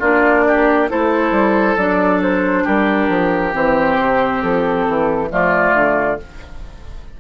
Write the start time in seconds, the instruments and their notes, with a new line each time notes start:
0.00 bassoon A#3, clarinet D4, oboe F4, flute D5
0.48 oboe G4
0.89 bassoon A3, clarinet E4, oboe A4, flute C5
1.31 bassoon G3
1.76 bassoon F#3, clarinet D4, flute D5
2.22 flute C5
2.64 bassoon G3, oboe G4, flute A#4
3.09 bassoon F3
3.53 bassoon E3, clarinet C4, flute C5
3.98 bassoon C3
4.43 bassoon F3, flute A4
4.88 bassoon E3
5.29 bassoon F3, clarinet A3, oboe F4, flute D5
5.74 bassoon D3